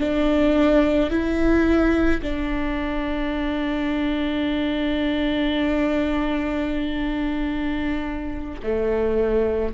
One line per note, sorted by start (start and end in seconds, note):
0.00 1.10 D4
1.10 2.21 E4
2.22 8.61 D4
8.63 9.74 A3